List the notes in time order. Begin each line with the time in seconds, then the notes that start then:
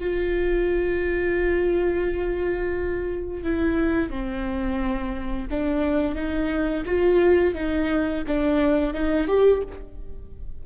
0.00 F4
3.43 E4
4.10 C4
5.50 D4
6.15 D#4
6.86 F4
7.55 D#4
8.27 D4
8.93 D#4
9.27 G4